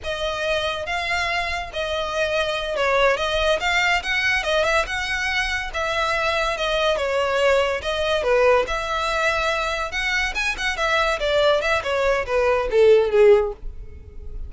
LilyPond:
\new Staff \with { instrumentName = "violin" } { \time 4/4 \tempo 4 = 142 dis''2 f''2 | dis''2~ dis''8 cis''4 dis''8~ | dis''8 f''4 fis''4 dis''8 e''8 fis''8~ | fis''4. e''2 dis''8~ |
dis''8 cis''2 dis''4 b'8~ | b'8 e''2. fis''8~ | fis''8 gis''8 fis''8 e''4 d''4 e''8 | cis''4 b'4 a'4 gis'4 | }